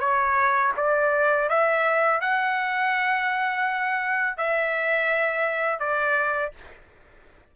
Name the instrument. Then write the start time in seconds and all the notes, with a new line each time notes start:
trumpet
0.00 C#5
0.77 D5
1.49 E5
2.21 F#5
4.37 E5
5.80 D5